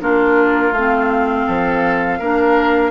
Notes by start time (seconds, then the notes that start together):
0.00 A#3 D4 F4 A#4
0.72 A3 C4 F5
1.46 F3 A4
2.19 A#3 D4 A#4